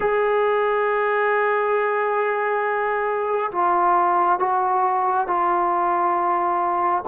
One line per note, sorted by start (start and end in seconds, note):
0.00 3.51 G#4
3.51 4.39 F4
4.39 5.27 F#4
5.27 7.03 F4